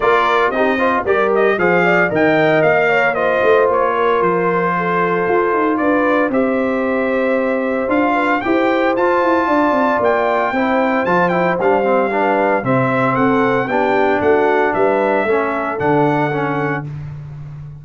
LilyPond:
<<
  \new Staff \with { instrumentName = "trumpet" } { \time 4/4 \tempo 4 = 114 d''4 dis''4 d''8 dis''8 f''4 | g''4 f''4 dis''4 cis''4 | c''2. d''4 | e''2. f''4 |
g''4 a''2 g''4~ | g''4 a''8 g''8 f''2 | e''4 fis''4 g''4 fis''4 | e''2 fis''2 | }
  \new Staff \with { instrumentName = "horn" } { \time 4/4 ais'4 g'8 c''8 ais'4 c''8 d''8 | dis''4. cis''8 c''4. ais'8~ | ais'4 a'2 b'4 | c''2.~ c''8 b'8 |
c''2 d''2 | c''2. b'4 | c''4 a'4 g'4 fis'4 | b'4 a'2. | }
  \new Staff \with { instrumentName = "trombone" } { \time 4/4 f'4 dis'8 f'8 g'4 gis'4 | ais'2 f'2~ | f'1 | g'2. f'4 |
g'4 f'2. | e'4 f'8 e'8 d'8 c'8 d'4 | c'2 d'2~ | d'4 cis'4 d'4 cis'4 | }
  \new Staff \with { instrumentName = "tuba" } { \time 4/4 ais4 c'4 g4 f4 | dis4 ais4. a8 ais4 | f2 f'8 dis'8 d'4 | c'2. d'4 |
e'4 f'8 e'8 d'8 c'8 ais4 | c'4 f4 g2 | c4 c'4 b4 a4 | g4 a4 d2 | }
>>